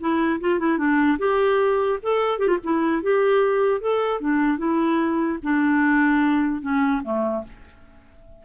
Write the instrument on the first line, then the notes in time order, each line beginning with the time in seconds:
clarinet
0.00 E4
0.40 F4
0.59 E4
0.78 D4
1.19 G4
2.02 A4
2.39 G4
2.48 F4
2.64 E4
3.03 G4
3.81 A4
4.21 D4
4.58 E4
5.43 D4
6.62 C#4
7.03 A3